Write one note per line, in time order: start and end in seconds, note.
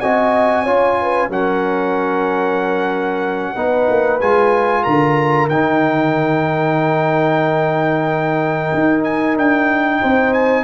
0.00 0.65 C4
0.00 0.66 F#4
0.00 0.64 D#5
0.00 1.29 G#5
0.64 1.29 C#4
0.64 1.30 F4
0.64 0.96 C#5
1.01 1.30 B4
1.29 3.54 F#3
1.29 3.55 C#4
1.29 3.53 A#4
1.29 4.20 F#5
3.53 3.88 B3
3.53 4.20 D#4
3.53 4.83 B4
3.89 4.20 A#3
4.20 4.85 G#3
4.20 5.50 F4
4.20 4.83 G#5
4.83 5.48 D3
4.83 9.99 A#4
4.83 5.48 A#5
5.48 8.71 D#3
5.48 10.63 D#4
5.48 9.03 G5
8.73 9.36 D#4
9.03 9.36 G#5
9.36 10.00 D4
9.36 10.33 G5
10.01 10.63 C4
10.01 10.63 C5
10.33 10.63 G#5